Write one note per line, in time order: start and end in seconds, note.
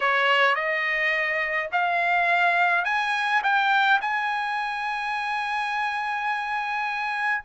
0.00 0.55 C#5
0.55 1.69 D#5
1.71 2.84 F5
2.84 3.41 G#5
3.43 4.00 G5
4.01 7.44 G#5